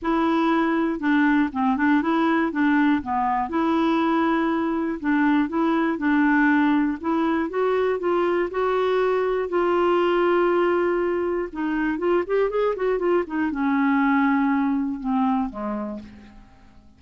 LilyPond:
\new Staff \with { instrumentName = "clarinet" } { \time 4/4 \tempo 4 = 120 e'2 d'4 c'8 d'8 | e'4 d'4 b4 e'4~ | e'2 d'4 e'4 | d'2 e'4 fis'4 |
f'4 fis'2 f'4~ | f'2. dis'4 | f'8 g'8 gis'8 fis'8 f'8 dis'8 cis'4~ | cis'2 c'4 gis4 | }